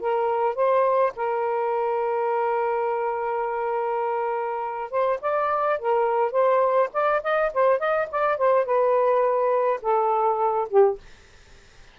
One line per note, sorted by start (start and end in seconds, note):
0.00 0.55 A#4
0.55 1.13 C5
1.16 4.91 A#4
4.91 5.19 C5
5.21 5.79 D5
5.79 6.32 A#4
6.32 6.89 C5
6.93 7.22 D5
7.23 7.52 D#5
7.53 7.79 C5
7.79 8.08 D#5
8.11 8.37 D5
8.37 8.65 C5
8.65 9.80 B4
9.82 10.68 A4
10.69 10.98 G4